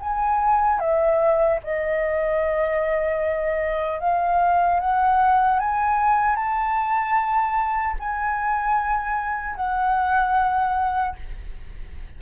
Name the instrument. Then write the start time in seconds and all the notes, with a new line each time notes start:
flute
0.00 G#5
0.80 E5
1.64 D#5
4.00 F5
4.80 F#5
5.60 G#5
6.36 A5
8.00 G#5
9.56 F#5